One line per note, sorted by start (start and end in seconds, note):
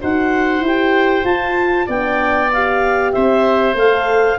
0.00 0.61 D#4
0.00 0.62 F#4
0.00 1.87 C5
0.00 0.66 F#5
0.61 1.23 E4
0.61 1.26 G4
0.61 1.26 G5
1.25 1.87 F4
1.25 1.89 F4
1.25 1.88 A5
1.87 3.14 B3
1.87 2.52 D4
1.87 3.12 D5
1.87 2.52 G5
2.53 3.77 G4
2.53 3.13 F5
3.13 3.75 C4
3.13 4.39 C5
3.13 3.75 E5
3.75 4.37 A3
3.75 4.39 A4
3.75 4.39 F5